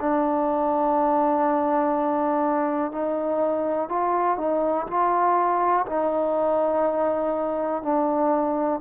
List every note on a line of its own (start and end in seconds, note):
0.00 2.92 D4
2.92 3.89 D#4
3.89 4.38 F4
4.38 4.87 D#4
4.87 5.86 F4
5.86 7.82 D#4
7.82 8.81 D4